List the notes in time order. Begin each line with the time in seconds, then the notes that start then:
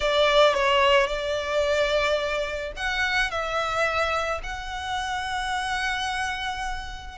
0.00 D5
0.54 C#5
1.07 D5
2.76 F#5
3.30 E5
4.43 F#5